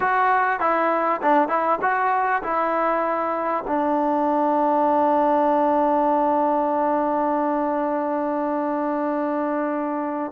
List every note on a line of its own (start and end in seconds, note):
0.00 0.60 F#4
0.60 1.20 E4
1.21 1.48 D4
1.48 1.78 E4
1.81 2.42 F#4
2.42 3.64 E4
3.67 10.32 D4